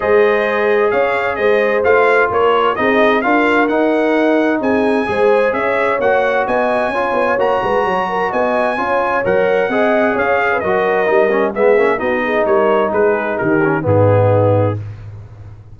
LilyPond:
<<
  \new Staff \with { instrumentName = "trumpet" } { \time 4/4 \tempo 4 = 130 dis''2 f''4 dis''4 | f''4 cis''4 dis''4 f''4 | fis''2 gis''2 | e''4 fis''4 gis''2 |
ais''2 gis''2 | fis''2 f''4 dis''4~ | dis''4 e''4 dis''4 cis''4 | b'4 ais'4 gis'2 | }
  \new Staff \with { instrumentName = "horn" } { \time 4/4 c''2 cis''4 c''4~ | c''4 ais'4 gis'4 ais'4~ | ais'2 gis'4 c''4 | cis''2 dis''4 cis''4~ |
cis''8 b'8 cis''8 ais'8 dis''4 cis''4~ | cis''4 dis''4 cis''8. b'16 ais'4~ | ais'4 gis'4 fis'8 gis'8 ais'4 | gis'4 g'4 dis'2 | }
  \new Staff \with { instrumentName = "trombone" } { \time 4/4 gis'1 | f'2 dis'4 f'4 | dis'2. gis'4~ | gis'4 fis'2 f'4 |
fis'2. f'4 | ais'4 gis'2 fis'4 | dis'8 cis'8 b8 cis'8 dis'2~ | dis'4. cis'8 b2 | }
  \new Staff \with { instrumentName = "tuba" } { \time 4/4 gis2 cis'4 gis4 | a4 ais4 c'4 d'4 | dis'2 c'4 gis4 | cis'4 ais4 b4 cis'8 b8 |
ais8 gis8 fis4 b4 cis'4 | fis4 c'4 cis'4 fis4 | g4 gis8 ais8 b4 g4 | gis4 dis4 gis,2 | }
>>